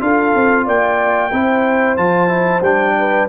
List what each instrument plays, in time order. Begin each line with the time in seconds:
0.00 tuba D4, trombone F4, horn A4, trumpet F5
0.35 tuba C4
0.65 tuba A#3, horn D5, trumpet G5
1.32 tuba C4, trombone E4, horn C5
1.96 tuba F3, trombone F4, trumpet A5
2.28 trombone E4
2.61 tuba G3, trombone D4, trumpet G5
2.98 horn B4